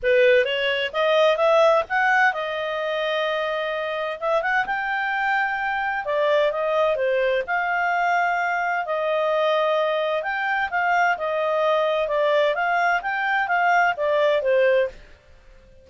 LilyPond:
\new Staff \with { instrumentName = "clarinet" } { \time 4/4 \tempo 4 = 129 b'4 cis''4 dis''4 e''4 | fis''4 dis''2.~ | dis''4 e''8 fis''8 g''2~ | g''4 d''4 dis''4 c''4 |
f''2. dis''4~ | dis''2 g''4 f''4 | dis''2 d''4 f''4 | g''4 f''4 d''4 c''4 | }